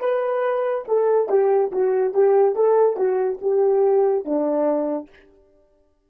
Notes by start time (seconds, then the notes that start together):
0.00 B4
0.88 A4
1.29 G4
1.72 F#4
2.14 G4
2.55 A4
2.97 F#4
3.41 G4
4.25 D4